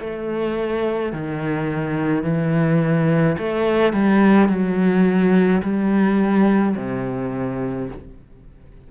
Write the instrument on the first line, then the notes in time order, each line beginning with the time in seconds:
cello
0.00 A3
1.12 D#3
2.23 E3
3.38 A3
3.93 G3
4.49 F#3
5.62 G3
6.76 C3